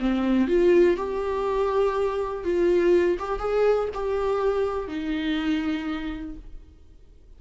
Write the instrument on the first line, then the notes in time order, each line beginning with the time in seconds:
viola
0.00 C4
0.48 F4
0.97 G4
2.44 F4
3.19 G4
3.40 G#4
3.94 G4
4.88 D#4